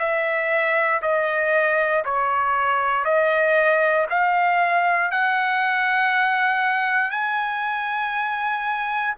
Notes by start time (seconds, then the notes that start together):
0.00 E5
1.03 D#5
2.05 C#5
3.06 D#5
4.10 F5
5.12 F#5
7.11 G#5